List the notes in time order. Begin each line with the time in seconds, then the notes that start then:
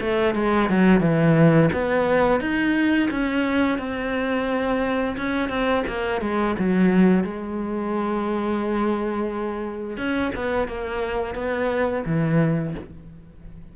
0.00 A3
0.34 G#3
0.69 F#3
1.00 E3
1.73 B3
2.40 D#4
3.10 C#4
3.78 C4
5.17 C#4
5.49 C4
5.87 A#3
6.21 G#3
6.58 F#3
7.23 G#3
9.97 C#4
10.35 B3
10.68 A#3
11.34 B3
12.05 E3